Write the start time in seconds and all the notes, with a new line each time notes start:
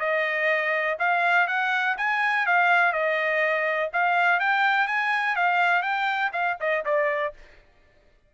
0.00 D#5
0.99 F5
1.47 F#5
1.97 G#5
2.46 F5
2.92 D#5
3.93 F5
4.40 G5
4.87 G#5
5.36 F5
5.82 G5
6.32 F5
6.60 D#5
6.85 D5